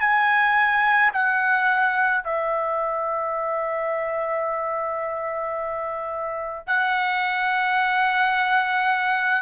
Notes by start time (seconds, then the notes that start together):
0.00 G#5
1.13 F#5
2.24 E5
6.67 F#5